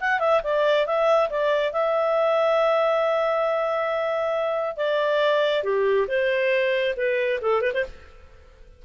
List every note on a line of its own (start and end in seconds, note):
0.00 0.19 F#5
0.19 0.41 E5
0.43 0.86 D5
0.86 1.29 E5
1.29 1.73 D5
1.73 4.77 E5
4.77 5.63 D5
5.63 6.07 G4
6.08 6.94 C5
6.96 7.40 B4
7.41 7.61 A4
7.61 7.72 B4
7.74 7.85 C5